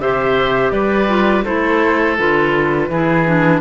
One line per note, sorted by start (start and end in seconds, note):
0.00 0.71 C3
0.00 1.08 G4
0.00 0.73 C5
0.00 0.71 E5
0.71 1.43 G3
0.71 1.45 B4
0.71 1.43 D5
1.08 1.44 F4
1.45 2.19 A3
1.45 2.18 E4
1.45 2.89 A4
1.45 2.17 C5
2.18 2.89 D3
2.18 2.90 F4
2.18 3.61 B4
2.89 3.61 E3
2.89 3.26 E4
2.89 3.61 G#4
3.26 3.61 D4